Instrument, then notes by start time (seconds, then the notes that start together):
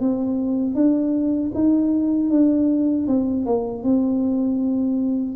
tuba
0.00 C4
0.75 D4
1.55 D#4
2.30 D4
3.07 C4
3.46 A#3
3.84 C4